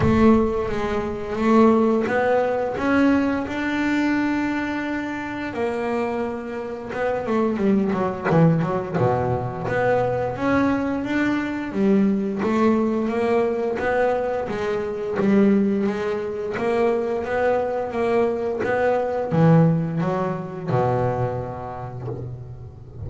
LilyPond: \new Staff \with { instrumentName = "double bass" } { \time 4/4 \tempo 4 = 87 a4 gis4 a4 b4 | cis'4 d'2. | ais2 b8 a8 g8 fis8 | e8 fis8 b,4 b4 cis'4 |
d'4 g4 a4 ais4 | b4 gis4 g4 gis4 | ais4 b4 ais4 b4 | e4 fis4 b,2 | }